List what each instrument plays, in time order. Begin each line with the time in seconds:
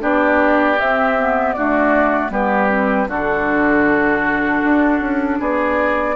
0.00 bassoon B3, clarinet D4, oboe G4, flute D5
0.80 bassoon C4, clarinet C4, flute E5
1.19 clarinet B3
1.54 clarinet A3, bassoon D4, oboe F#4, flute D5
2.31 bassoon G3, clarinet B3, oboe G4, flute B4
2.70 clarinet C4
3.08 bassoon D3, clarinet D4, oboe F#4, flute A4
4.64 bassoon D4
5.01 bassoon C#4
5.40 bassoon B3, oboe G#4, flute D5